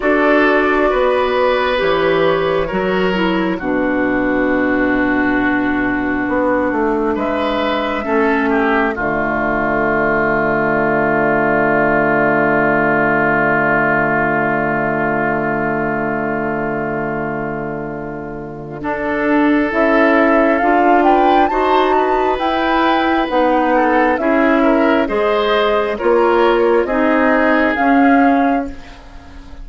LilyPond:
<<
  \new Staff \with { instrumentName = "flute" } { \time 4/4 \tempo 4 = 67 d''2 cis''2 | b'1 | e''2 d''2~ | d''1~ |
d''1~ | d''2 e''4 f''8 g''8 | a''4 g''4 fis''4 e''4 | dis''4 cis''4 dis''4 f''4 | }
  \new Staff \with { instrumentName = "oboe" } { \time 4/4 a'4 b'2 ais'4 | fis'1 | b'4 a'8 g'8 f'2~ | f'1~ |
f'1~ | f'4 a'2~ a'8 b'8 | c''8 b'2 a'8 gis'8 ais'8 | c''4 ais'4 gis'2 | }
  \new Staff \with { instrumentName = "clarinet" } { \time 4/4 fis'2 g'4 fis'8 e'8 | d'1~ | d'4 cis'4 a2~ | a1~ |
a1~ | a4 d'4 e'4 f'4 | fis'4 e'4 dis'4 e'4 | gis'4 f'4 dis'4 cis'4 | }
  \new Staff \with { instrumentName = "bassoon" } { \time 4/4 d'4 b4 e4 fis4 | b,2. b8 a8 | gis4 a4 d2~ | d1~ |
d1~ | d4 d'4 cis'4 d'4 | dis'4 e'4 b4 cis'4 | gis4 ais4 c'4 cis'4 | }
>>